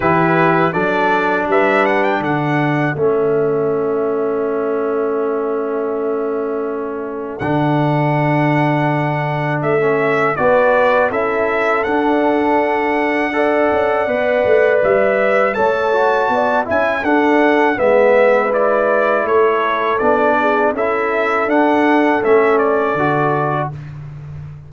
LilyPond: <<
  \new Staff \with { instrumentName = "trumpet" } { \time 4/4 \tempo 4 = 81 b'4 d''4 e''8 fis''16 g''16 fis''4 | e''1~ | e''2 fis''2~ | fis''4 e''4 d''4 e''4 |
fis''1 | e''4 a''4. gis''8 fis''4 | e''4 d''4 cis''4 d''4 | e''4 fis''4 e''8 d''4. | }
  \new Staff \with { instrumentName = "horn" } { \time 4/4 g'4 a'4 b'4 a'4~ | a'1~ | a'1~ | a'2 b'4 a'4~ |
a'2 d''2~ | d''4 cis''4 d''8 e''8 a'4 | b'2 a'4. gis'8 | a'1 | }
  \new Staff \with { instrumentName = "trombone" } { \time 4/4 e'4 d'2. | cis'1~ | cis'2 d'2~ | d'4~ d'16 cis'8. fis'4 e'4 |
d'2 a'4 b'4~ | b'4 a'8 fis'4 e'8 d'4 | b4 e'2 d'4 | e'4 d'4 cis'4 fis'4 | }
  \new Staff \with { instrumentName = "tuba" } { \time 4/4 e4 fis4 g4 d4 | a1~ | a2 d2~ | d4 a4 b4 cis'4 |
d'2~ d'8 cis'8 b8 a8 | g4 a4 b8 cis'8 d'4 | gis2 a4 b4 | cis'4 d'4 a4 d4 | }
>>